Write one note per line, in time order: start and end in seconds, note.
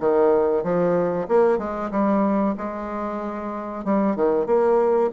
0.00 0.63 D#3
0.63 1.27 F3
1.28 1.58 A#3
1.58 1.90 G#3
1.91 2.55 G3
2.57 3.85 G#3
3.85 4.16 G3
4.16 4.46 D#3
4.46 5.10 A#3